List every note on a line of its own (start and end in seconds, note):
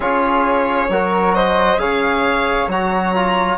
0.00 0.89 C#4
0.00 0.89 F4
0.00 0.90 G#4
0.00 1.34 C#5
0.89 1.77 F#3
0.89 1.78 F#4
0.89 1.35 A#4
1.34 1.79 C5
1.34 1.79 D#5
1.77 2.67 C#3
1.77 2.68 G#4
1.77 3.57 C#5
1.77 2.68 F5
2.67 3.57 F#3
2.67 3.15 F#4
2.67 3.57 A#5
3.15 3.57 F4